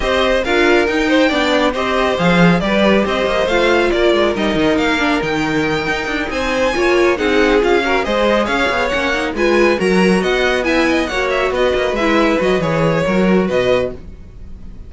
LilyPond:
<<
  \new Staff \with { instrumentName = "violin" } { \time 4/4 \tempo 4 = 138 dis''4 f''4 g''2 | dis''4 f''4 d''4 dis''4 | f''4 d''4 dis''4 f''4 | g''2~ g''8 gis''4.~ |
gis''8 fis''4 f''4 dis''4 f''8~ | f''8 fis''4 gis''4 ais''4 fis''8~ | fis''8 gis''4 fis''8 e''8 dis''4 e''8~ | e''8 dis''8 cis''2 dis''4 | }
  \new Staff \with { instrumentName = "violin" } { \time 4/4 c''4 ais'4. c''8 d''4 | c''2 b'4 c''4~ | c''4 ais'2.~ | ais'2~ ais'8 c''4 cis''8~ |
cis''8 gis'4. ais'8 c''4 cis''8~ | cis''4. b'4 ais'4 dis''8~ | dis''8 e''8 dis''8 cis''4 b'4.~ | b'2 ais'4 b'4 | }
  \new Staff \with { instrumentName = "viola" } { \time 4/4 g'4 f'4 dis'4 d'4 | g'4 gis'4 g'2 | f'2 dis'4. d'8 | dis'2.~ dis'8 f'8~ |
f'8 dis'4 f'8 fis'8 gis'4.~ | gis'8 cis'8 dis'8 f'4 fis'4.~ | fis'8 e'4 fis'2 e'8~ | e'8 fis'8 gis'4 fis'2 | }
  \new Staff \with { instrumentName = "cello" } { \time 4/4 c'4 d'4 dis'4 b4 | c'4 f4 g4 c'8 ais8 | a4 ais8 gis8 g8 dis8 ais4 | dis4. dis'8 d'8 c'4 ais8~ |
ais8 c'4 cis'4 gis4 cis'8 | b8 ais4 gis4 fis4 b8~ | b4. ais4 b8 ais8 gis8~ | gis8 fis8 e4 fis4 b,4 | }
>>